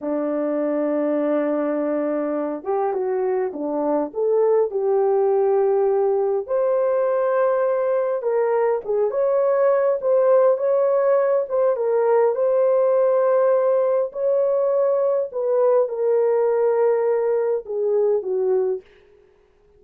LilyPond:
\new Staff \with { instrumentName = "horn" } { \time 4/4 \tempo 4 = 102 d'1~ | d'8 g'8 fis'4 d'4 a'4 | g'2. c''4~ | c''2 ais'4 gis'8 cis''8~ |
cis''4 c''4 cis''4. c''8 | ais'4 c''2. | cis''2 b'4 ais'4~ | ais'2 gis'4 fis'4 | }